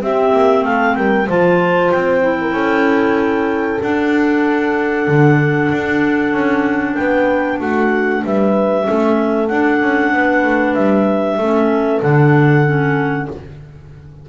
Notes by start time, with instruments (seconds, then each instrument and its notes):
0.00 clarinet C4 E5, double bass C4, horn G4
0.32 double bass A#3
0.64 double bass A3, horn A4, clarinet F5
0.95 double bass G3, horn A#4, clarinet G5
1.27 double bass F3, clarinet F4 A5, horn C5
1.91 double bass C4, clarinet G5
2.21 clarinet E4
2.41 horn A#4
2.52 double bass C#4, horn A4
3.82 clarinet D4 F#5, double bass D4
5.07 double bass D3
5.72 double bass D4
6.32 double bass C#4
6.94 double bass B3, horn B4, clarinet G5
7.59 double bass A3, horn F#4, clarinet F#5
8.23 double bass G3, horn B4, clarinet E5
8.84 double bass A3, clarinet C#4, horn A4
9.47 clarinet D4 F#5, double bass D4
9.81 double bass C#4
10.12 double bass B3, horn B4
10.43 double bass A3
10.74 double bass G3, clarinet E5
11.37 double bass A3, clarinet C#4, horn A4
12.01 double bass D3, clarinet D4 F#5
12.65 clarinet C#4